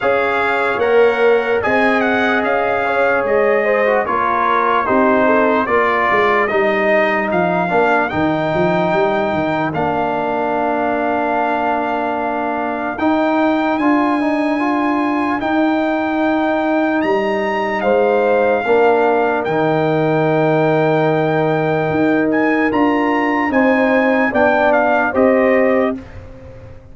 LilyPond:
<<
  \new Staff \with { instrumentName = "trumpet" } { \time 4/4 \tempo 4 = 74 f''4 fis''4 gis''8 fis''8 f''4 | dis''4 cis''4 c''4 d''4 | dis''4 f''4 g''2 | f''1 |
g''4 gis''2 g''4~ | g''4 ais''4 f''2 | g''2.~ g''8 gis''8 | ais''4 gis''4 g''8 f''8 dis''4 | }
  \new Staff \with { instrumentName = "horn" } { \time 4/4 cis''2 dis''4. cis''8~ | cis''8 c''8 ais'4 g'8 a'8 ais'4~ | ais'1~ | ais'1~ |
ais'1~ | ais'2 c''4 ais'4~ | ais'1~ | ais'4 c''4 d''4 c''4 | }
  \new Staff \with { instrumentName = "trombone" } { \time 4/4 gis'4 ais'4 gis'2~ | gis'8. fis'16 f'4 dis'4 f'4 | dis'4. d'8 dis'2 | d'1 |
dis'4 f'8 dis'8 f'4 dis'4~ | dis'2. d'4 | dis'1 | f'4 dis'4 d'4 g'4 | }
  \new Staff \with { instrumentName = "tuba" } { \time 4/4 cis'4 ais4 c'4 cis'4 | gis4 ais4 c'4 ais8 gis8 | g4 f8 ais8 dis8 f8 g8 dis8 | ais1 |
dis'4 d'2 dis'4~ | dis'4 g4 gis4 ais4 | dis2. dis'4 | d'4 c'4 b4 c'4 | }
>>